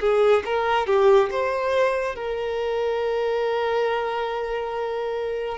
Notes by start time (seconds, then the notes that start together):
0.00 G#4
0.45 A#4
0.86 G4
1.31 C5
2.15 A#4